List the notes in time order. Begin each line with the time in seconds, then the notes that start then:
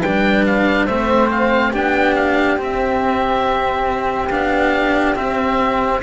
0.00 G3 D4 B4 G5
0.46 F5
0.86 A3 C4 C5 E5
1.31 F5
1.71 B3 D4 G4 G5
2.16 F5
2.57 C4
2.63 E5
4.29 B3 D4 F5
5.16 C4 E5